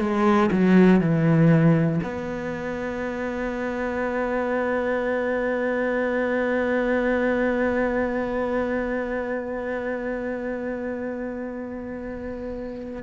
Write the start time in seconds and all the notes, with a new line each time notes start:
0.00 G#3
0.52 F#3
1.00 E3
2.04 B3